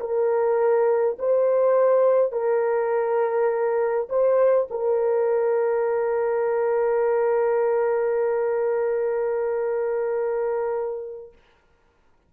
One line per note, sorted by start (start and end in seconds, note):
0.00 1.18 A#4
1.19 2.32 C5
2.32 4.08 A#4
4.09 4.68 C5
4.70 11.32 A#4